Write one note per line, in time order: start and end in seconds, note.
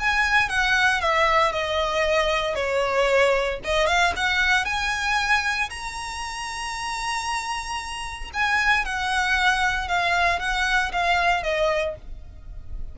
0.00 0.50 G#5
0.50 1.01 F#5
1.01 1.53 E5
1.53 2.56 D#5
2.56 3.60 C#5
3.65 3.87 D#5
3.87 4.13 F5
4.17 4.65 F#5
4.65 5.70 G#5
5.70 8.31 A#5
8.34 8.85 G#5
8.85 9.88 F#5
9.88 10.40 F5
10.40 10.92 F#5
10.93 11.44 F5
11.44 11.96 D#5